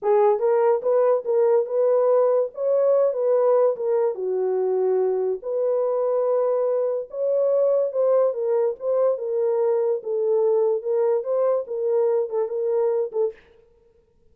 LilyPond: \new Staff \with { instrumentName = "horn" } { \time 4/4 \tempo 4 = 144 gis'4 ais'4 b'4 ais'4 | b'2 cis''4. b'8~ | b'4 ais'4 fis'2~ | fis'4 b'2.~ |
b'4 cis''2 c''4 | ais'4 c''4 ais'2 | a'2 ais'4 c''4 | ais'4. a'8 ais'4. a'8 | }